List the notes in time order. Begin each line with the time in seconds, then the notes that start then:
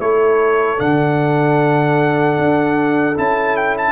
0.00 A3 E4 A4 C#5
0.78 D3 D4 F#5
2.38 D4
3.17 C#4 E4 A5
3.57 G5
3.78 A5